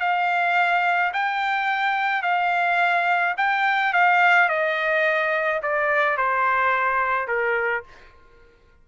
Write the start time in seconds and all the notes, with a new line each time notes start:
0.00 F5
1.13 G5
2.23 F5
3.37 G5
3.93 F5
4.49 D#5
5.62 D5
6.17 C5
7.27 A#4